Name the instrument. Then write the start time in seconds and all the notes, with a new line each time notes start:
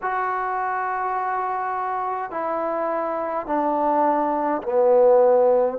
trombone
0.02 F#4
2.31 E4
3.46 D4
4.63 B3